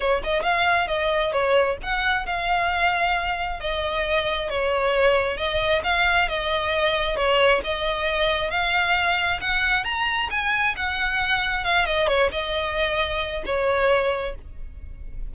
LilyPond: \new Staff \with { instrumentName = "violin" } { \time 4/4 \tempo 4 = 134 cis''8 dis''8 f''4 dis''4 cis''4 | fis''4 f''2. | dis''2 cis''2 | dis''4 f''4 dis''2 |
cis''4 dis''2 f''4~ | f''4 fis''4 ais''4 gis''4 | fis''2 f''8 dis''8 cis''8 dis''8~ | dis''2 cis''2 | }